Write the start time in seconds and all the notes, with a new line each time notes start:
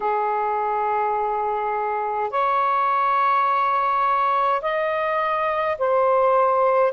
0.00 G#4
2.30 C#5
4.62 D#5
5.78 C5